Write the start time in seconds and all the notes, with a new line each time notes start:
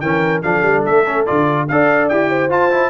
0.00 E3 C#4 A#4 G5
0.42 F3 D4 A4 F5
0.62 G3
0.85 A3 E5
1.06 C#4
1.26 D3 F4 D5
1.68 D4 A4 D5 F5
2.08 E4 G4 G5
2.29 C5
2.49 F4 A5
2.71 E4